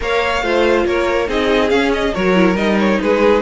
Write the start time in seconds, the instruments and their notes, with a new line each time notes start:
0.00 cello A#3, viola A#4, violin C#5 F5
0.42 cello A3, viola F4, violin C5
0.85 cello A#3, violin A#4 C#5
1.26 cello C4, viola D#4, violin G#4 D#5
1.69 viola C#4, cello C#4, violin F5
1.93 violin D#5
2.13 cello F#3, viola F#4, violin A#4 C#5
2.35 viola E4
2.56 cello G3, viola D#4, violin D#5
2.79 violin C#5
3.01 cello G#3, violin G#4 B4